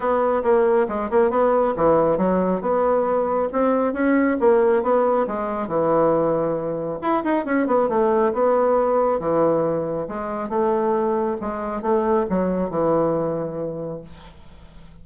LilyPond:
\new Staff \with { instrumentName = "bassoon" } { \time 4/4 \tempo 4 = 137 b4 ais4 gis8 ais8 b4 | e4 fis4 b2 | c'4 cis'4 ais4 b4 | gis4 e2. |
e'8 dis'8 cis'8 b8 a4 b4~ | b4 e2 gis4 | a2 gis4 a4 | fis4 e2. | }